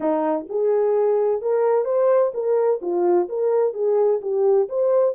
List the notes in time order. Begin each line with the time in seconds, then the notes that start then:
0.00 D#4
0.49 G#4
1.41 A#4
1.85 C5
2.34 A#4
2.81 F4
3.29 A#4
3.73 G#4
4.21 G4
4.68 C5